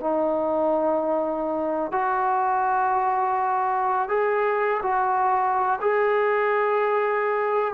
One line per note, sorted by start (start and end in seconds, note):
0.00 1.92 D#4
1.92 4.08 F#4
4.08 4.81 G#4
4.83 5.79 F#4
5.81 7.74 G#4